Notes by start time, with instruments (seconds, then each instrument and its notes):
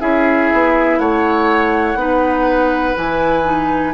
0.00 bassoon C#4, clarinet E4, oboe G#4, flute E5
0.53 bassoon B3
0.99 bassoon A3, oboe C#5, flute F#5
1.95 bassoon B3, clarinet D#4, oboe B4
2.95 bassoon E3, clarinet E4, flute G#5
3.44 clarinet D#4